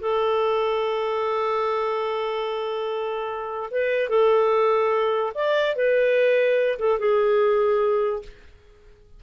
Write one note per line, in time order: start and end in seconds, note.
0.00 3.70 A4
3.70 4.09 B4
4.09 5.32 A4
5.34 5.75 D5
5.75 6.78 B4
6.79 6.99 A4
6.99 8.22 G#4